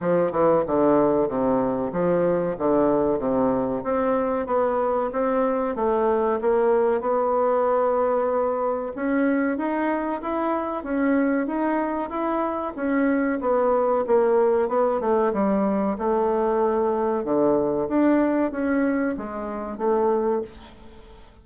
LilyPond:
\new Staff \with { instrumentName = "bassoon" } { \time 4/4 \tempo 4 = 94 f8 e8 d4 c4 f4 | d4 c4 c'4 b4 | c'4 a4 ais4 b4~ | b2 cis'4 dis'4 |
e'4 cis'4 dis'4 e'4 | cis'4 b4 ais4 b8 a8 | g4 a2 d4 | d'4 cis'4 gis4 a4 | }